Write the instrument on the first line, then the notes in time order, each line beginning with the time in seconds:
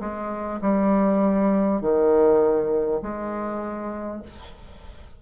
bassoon
0.00 G#3
0.62 G3
1.82 D#3
3.02 G#3